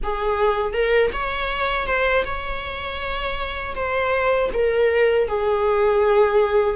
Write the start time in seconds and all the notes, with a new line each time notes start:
0.03 G#4
0.73 A#4
1.12 C#5
1.86 C5
2.24 C#5
3.75 C5
4.53 A#4
5.27 G#4